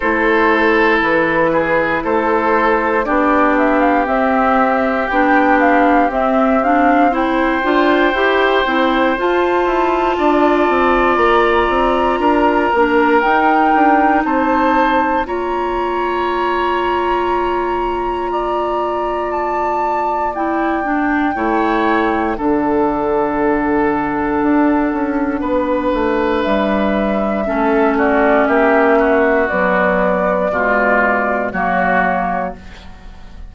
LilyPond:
<<
  \new Staff \with { instrumentName = "flute" } { \time 4/4 \tempo 4 = 59 c''4 b'4 c''4 d''8 e''16 f''16 | e''4 g''8 f''8 e''8 f''8 g''4~ | g''4 a''2 ais''4~ | ais''4 g''4 a''4 ais''4~ |
ais''2. a''4 | g''2 fis''2~ | fis''2 e''4. d''8 | e''4 d''2 cis''4 | }
  \new Staff \with { instrumentName = "oboe" } { \time 4/4 a'4. gis'8 a'4 g'4~ | g'2. c''4~ | c''2 d''2 | ais'2 c''4 cis''4~ |
cis''2 d''2~ | d''4 cis''4 a'2~ | a'4 b'2 a'8 fis'8 | g'8 fis'4. f'4 fis'4 | }
  \new Staff \with { instrumentName = "clarinet" } { \time 4/4 e'2. d'4 | c'4 d'4 c'8 d'8 e'8 f'8 | g'8 e'8 f'2.~ | f'8 d'8 dis'2 f'4~ |
f'1 | e'8 d'8 e'4 d'2~ | d'2. cis'4~ | cis'4 fis4 gis4 ais4 | }
  \new Staff \with { instrumentName = "bassoon" } { \time 4/4 a4 e4 a4 b4 | c'4 b4 c'4. d'8 | e'8 c'8 f'8 e'8 d'8 c'8 ais8 c'8 | d'8 ais8 dis'8 d'8 c'4 ais4~ |
ais1~ | ais4 a4 d2 | d'8 cis'8 b8 a8 g4 a4 | ais4 b4 b,4 fis4 | }
>>